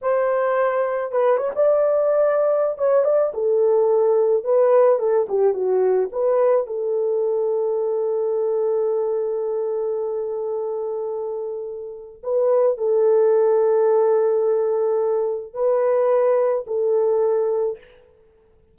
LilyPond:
\new Staff \with { instrumentName = "horn" } { \time 4/4 \tempo 4 = 108 c''2 b'8 cis''16 d''4~ d''16~ | d''4 cis''8 d''8 a'2 | b'4 a'8 g'8 fis'4 b'4 | a'1~ |
a'1~ | a'2 b'4 a'4~ | a'1 | b'2 a'2 | }